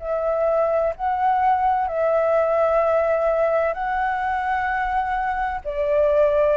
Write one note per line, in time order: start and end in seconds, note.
0.00 0.94 E5
0.96 1.88 F#5
1.88 3.74 E5
3.74 5.61 F#5
5.65 6.58 D5